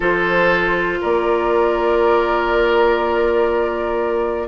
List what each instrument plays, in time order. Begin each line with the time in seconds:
0.00 bassoon F3, clarinet F4, oboe A4, flute C5
1.01 bassoon A#3, oboe A#4, flute D5